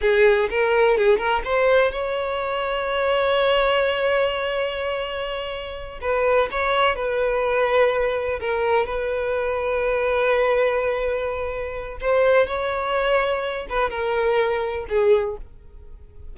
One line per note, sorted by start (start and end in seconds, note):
0.01 0.49 G#4
0.50 0.97 A#4
0.97 1.18 G#4
1.18 1.42 A#4
1.44 1.91 C5
1.91 5.99 C#5
6.01 6.49 B4
6.51 6.95 C#5
6.95 8.39 B4
8.40 8.85 A#4
8.85 11.97 B4
12.00 12.46 C5
12.46 13.66 C#5
13.69 13.90 B4
13.90 14.86 A#4
14.88 15.36 G#4